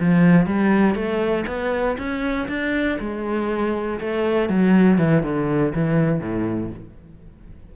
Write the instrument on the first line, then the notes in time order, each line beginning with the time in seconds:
cello
0.00 F3
0.46 G3
0.95 A3
1.47 B3
1.98 C#4
2.48 D4
3.00 G#3
4.00 A3
4.49 F#3
4.98 E3
5.23 D3
5.75 E3
6.20 A2